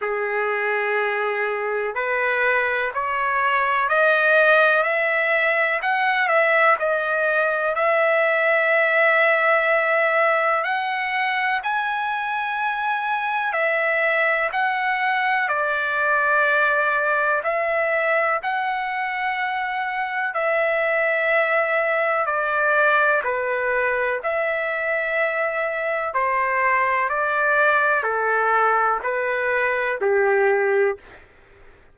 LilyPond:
\new Staff \with { instrumentName = "trumpet" } { \time 4/4 \tempo 4 = 62 gis'2 b'4 cis''4 | dis''4 e''4 fis''8 e''8 dis''4 | e''2. fis''4 | gis''2 e''4 fis''4 |
d''2 e''4 fis''4~ | fis''4 e''2 d''4 | b'4 e''2 c''4 | d''4 a'4 b'4 g'4 | }